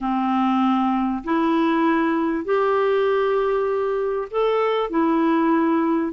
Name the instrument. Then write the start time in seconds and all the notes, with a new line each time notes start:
clarinet
0.01 C4
1.24 E4
2.45 G4
4.30 A4
4.90 E4